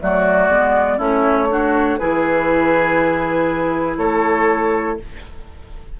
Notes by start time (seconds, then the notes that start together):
0.00 F#3 A3 F#4 D5
0.48 G#3 B3
0.97 A3 C#4 E4 C#5
1.49 D4 F#4
1.99 E3 E4 G#4 B4
3.97 A3 A4 C#5